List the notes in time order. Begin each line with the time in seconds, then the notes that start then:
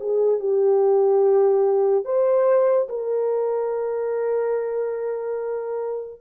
0.00 G#4
0.39 G4
2.05 C5
2.88 A#4